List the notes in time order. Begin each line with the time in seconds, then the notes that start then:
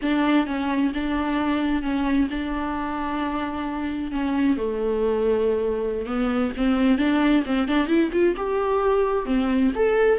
0.02 D4
0.46 C#4
0.93 D4
1.82 C#4
2.30 D4
4.11 C#4
4.57 A3
6.06 B3
6.56 C4
6.98 D4
7.46 C4
7.68 D4
7.87 E4
8.12 F4
8.36 G4
9.25 C4
9.75 A4